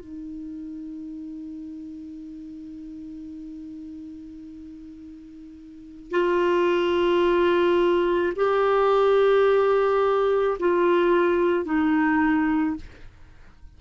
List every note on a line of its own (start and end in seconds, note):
0.00 6.11 D#4
6.11 8.33 F4
8.36 10.58 G4
10.60 11.65 F4
11.65 12.76 D#4